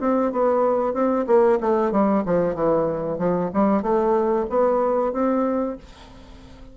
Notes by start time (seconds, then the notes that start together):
0.00 C4
0.32 B3
0.94 C4
1.27 A#3
1.61 A3
1.92 G3
2.26 F3
2.55 E3
3.18 F3
3.53 G3
3.82 A3
4.50 B3
5.13 C4